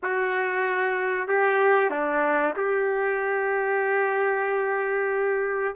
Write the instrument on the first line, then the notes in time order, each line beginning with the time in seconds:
trumpet
0.02 F#4
1.28 G4
1.90 D4
2.56 G4